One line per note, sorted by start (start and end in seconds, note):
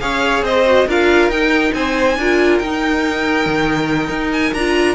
0.00 0.42 C#4
0.00 0.65 G#4
0.00 0.44 C#5
0.00 0.43 F5
0.42 0.85 C4
0.42 0.87 C5
0.42 0.88 D#5
0.66 0.87 F#4
0.87 1.28 D4
0.87 1.32 F4
0.87 1.73 A#4
0.87 1.30 F5
1.28 1.71 D#4
1.28 2.18 D#4
1.28 1.73 G5
1.74 2.17 C4
1.74 2.18 C5
1.74 2.58 G#5
2.17 2.60 D4
2.17 2.63 F4
2.17 4.95 A#4
2.58 3.46 D#4
2.58 4.57 D#4
2.58 4.31 G5
3.46 4.09 D#3
4.09 4.52 D#4
4.32 4.54 G#5
4.54 4.95 D4
4.54 4.95 F4
4.54 4.95 A#5